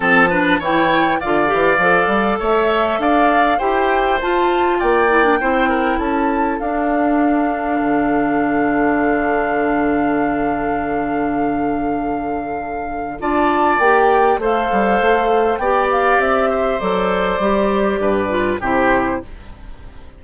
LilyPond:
<<
  \new Staff \with { instrumentName = "flute" } { \time 4/4 \tempo 4 = 100 a''4 g''4 f''2 | e''4 f''4 g''4 a''4 | g''2 a''4 f''4~ | f''1~ |
f''1~ | f''2 a''4 g''4 | f''2 g''8 f''8 e''4 | d''2. c''4 | }
  \new Staff \with { instrumentName = "oboe" } { \time 4/4 a'8 b'8 cis''4 d''2 | cis''4 d''4 c''2 | d''4 c''8 ais'8 a'2~ | a'1~ |
a'1~ | a'2 d''2 | c''2 d''4. c''8~ | c''2 b'4 g'4 | }
  \new Staff \with { instrumentName = "clarinet" } { \time 4/4 c'8 d'8 e'4 f'8 g'8 a'4~ | a'2 g'4 f'4~ | f'8 e'16 d'16 e'2 d'4~ | d'1~ |
d'1~ | d'2 f'4 g'4 | a'2 g'2 | a'4 g'4. f'8 e'4 | }
  \new Staff \with { instrumentName = "bassoon" } { \time 4/4 f4 e4 d8 e8 f8 g8 | a4 d'4 e'4 f'4 | ais4 c'4 cis'4 d'4~ | d'4 d2.~ |
d1~ | d2 d'4 ais4 | a8 g8 a4 b4 c'4 | fis4 g4 g,4 c4 | }
>>